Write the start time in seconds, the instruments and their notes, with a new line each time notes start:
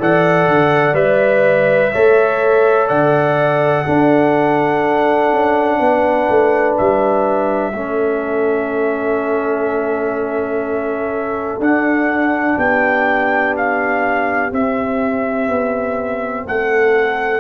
0.00 tuba E3, trombone A4, horn D5, trumpet F#5
0.48 tuba D3
0.94 tuba G3, trombone B4, trumpet E5
1.93 tuba A3, trombone A4, horn C#5
2.88 tuba D3, horn D5, trumpet F#5
3.86 trombone D4, tuba D4, horn A4
5.33 tuba C#4
5.80 tuba B3, horn B4
6.30 tuba A3
6.78 tuba G3, trumpet E5
7.74 tuba A3, trombone C#4, horn A4
11.59 tuba D4, trombone D4, trumpet F#5
12.58 tuba B3, horn G4, trumpet G5
13.57 trumpet F5
14.52 trombone C4, tuba C4, trumpet E5
15.49 tuba B3
16.46 tuba A3, horn A4, trumpet F#5